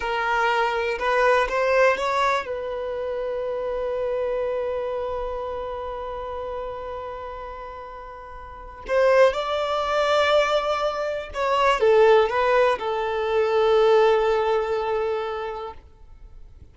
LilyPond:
\new Staff \with { instrumentName = "violin" } { \time 4/4 \tempo 4 = 122 ais'2 b'4 c''4 | cis''4 b'2.~ | b'1~ | b'1~ |
b'2 c''4 d''4~ | d''2. cis''4 | a'4 b'4 a'2~ | a'1 | }